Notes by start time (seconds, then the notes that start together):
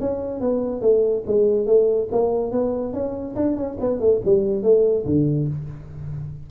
0.00 C#4
0.41 B3
0.81 A3
1.27 G#3
1.66 A3
2.12 A#3
2.52 B3
2.93 C#4
3.36 D4
3.56 C#4
3.81 B3
4.00 A3
4.25 G3
4.63 A3
5.06 D3